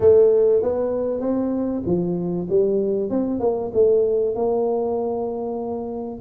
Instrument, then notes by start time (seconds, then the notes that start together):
tuba
0.00 A3
0.62 B3
1.20 C4
1.86 F3
2.49 G3
3.10 C4
3.40 A#3
3.73 A3
4.35 A#3